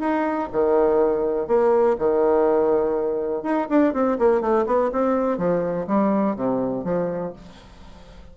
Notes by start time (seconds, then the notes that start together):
0.00 D#4
0.53 D#3
1.48 A#3
1.99 D#3
3.43 D#4
3.70 D4
3.94 C4
4.19 A#3
4.41 A3
4.66 B3
4.92 C4
5.38 F3
5.87 G3
6.36 C3
6.84 F3